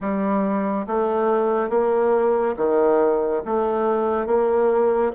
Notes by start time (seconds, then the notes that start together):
0.00 G3
0.86 A3
1.69 A#3
2.56 D#3
3.45 A3
4.26 A#3